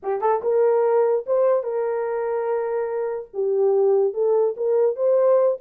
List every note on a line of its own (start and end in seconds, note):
0.02 0.21 G4
0.21 0.42 A4
0.42 1.25 A#4
1.26 1.63 C5
1.63 3.28 A#4
3.33 4.13 G4
4.13 4.55 A4
4.56 4.96 A#4
4.96 5.58 C5